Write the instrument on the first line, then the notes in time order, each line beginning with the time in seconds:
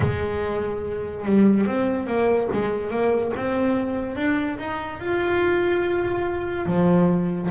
double bass
0.00 G#3
1.25 G3
1.66 C4
2.06 A#3
2.52 G#3
2.90 A#3
3.36 C4
4.16 D4
4.58 D#4
4.99 F4
6.66 F3